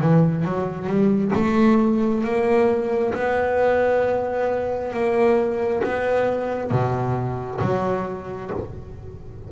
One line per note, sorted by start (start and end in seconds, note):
0.00 0.45 E3
0.45 0.87 F#3
0.87 1.32 G3
1.35 2.24 A3
2.24 3.14 A#3
3.14 4.93 B3
4.93 5.83 A#3
5.84 6.71 B3
6.71 7.60 B2
7.61 8.51 F#3